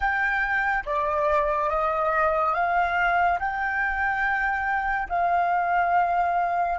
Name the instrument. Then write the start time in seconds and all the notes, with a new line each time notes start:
flute
0.00 G5
0.85 D5
1.69 D#5
2.54 F5
3.39 G5
5.09 F5